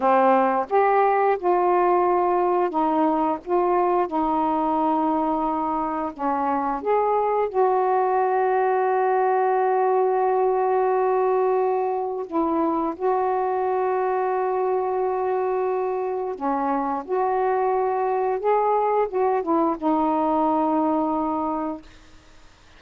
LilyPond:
\new Staff \with { instrumentName = "saxophone" } { \time 4/4 \tempo 4 = 88 c'4 g'4 f'2 | dis'4 f'4 dis'2~ | dis'4 cis'4 gis'4 fis'4~ | fis'1~ |
fis'2 e'4 fis'4~ | fis'1 | cis'4 fis'2 gis'4 | fis'8 e'8 dis'2. | }